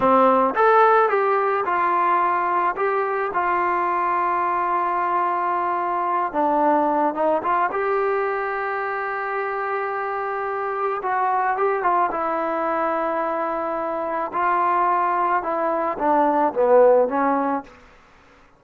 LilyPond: \new Staff \with { instrumentName = "trombone" } { \time 4/4 \tempo 4 = 109 c'4 a'4 g'4 f'4~ | f'4 g'4 f'2~ | f'2.~ f'8 d'8~ | d'4 dis'8 f'8 g'2~ |
g'1 | fis'4 g'8 f'8 e'2~ | e'2 f'2 | e'4 d'4 b4 cis'4 | }